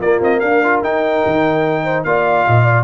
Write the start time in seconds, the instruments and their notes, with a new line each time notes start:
0.00 tuba A#3, trombone A#3, horn F4, trumpet D5
0.20 tuba C4, trumpet D#5
0.40 tuba D4, horn A#4, trumpet F5
0.64 trombone F4
0.83 tuba D#4, trombone D#4, trumpet G5
1.26 tuba D#3
1.84 horn C5
2.04 tuba A#3, trombone F4, horn D5, trumpet F5
2.48 tuba A#2, horn D#5
2.65 horn D5